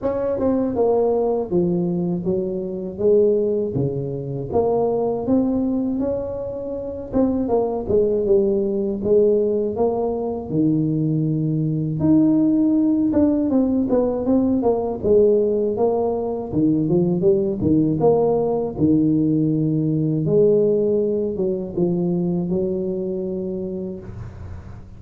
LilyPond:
\new Staff \with { instrumentName = "tuba" } { \time 4/4 \tempo 4 = 80 cis'8 c'8 ais4 f4 fis4 | gis4 cis4 ais4 c'4 | cis'4. c'8 ais8 gis8 g4 | gis4 ais4 dis2 |
dis'4. d'8 c'8 b8 c'8 ais8 | gis4 ais4 dis8 f8 g8 dis8 | ais4 dis2 gis4~ | gis8 fis8 f4 fis2 | }